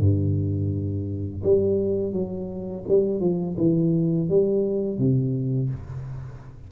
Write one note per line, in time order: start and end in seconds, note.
0.00 1.43 G2
1.44 2.13 G3
2.13 2.84 F#3
2.88 3.21 G3
3.21 3.56 F3
3.58 4.29 E3
4.30 4.99 G3
4.99 5.70 C3